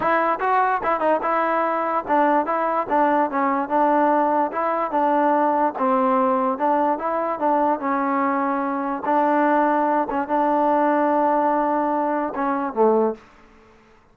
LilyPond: \new Staff \with { instrumentName = "trombone" } { \time 4/4 \tempo 4 = 146 e'4 fis'4 e'8 dis'8 e'4~ | e'4 d'4 e'4 d'4 | cis'4 d'2 e'4 | d'2 c'2 |
d'4 e'4 d'4 cis'4~ | cis'2 d'2~ | d'8 cis'8 d'2.~ | d'2 cis'4 a4 | }